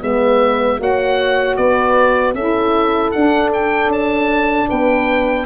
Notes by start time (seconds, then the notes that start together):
0.00 G#3 B3 B4 E5
0.78 A#3 F#4 C#5 F#5
1.56 B3 B4 D5
2.34 C#4 E4 A4 E5
3.11 D4 F#5
3.53 G5
3.87 C#4 A5
4.69 B3 B4 G5